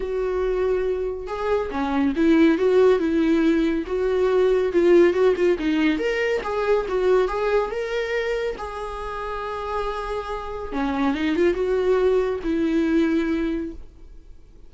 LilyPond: \new Staff \with { instrumentName = "viola" } { \time 4/4 \tempo 4 = 140 fis'2. gis'4 | cis'4 e'4 fis'4 e'4~ | e'4 fis'2 f'4 | fis'8 f'8 dis'4 ais'4 gis'4 |
fis'4 gis'4 ais'2 | gis'1~ | gis'4 cis'4 dis'8 f'8 fis'4~ | fis'4 e'2. | }